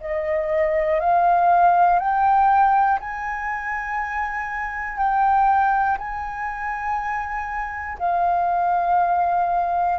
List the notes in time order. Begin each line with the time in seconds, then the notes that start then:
0.00 D#5
1.00 F5
1.99 G5
3.00 G#5
4.97 G5
5.98 G#5
7.98 F5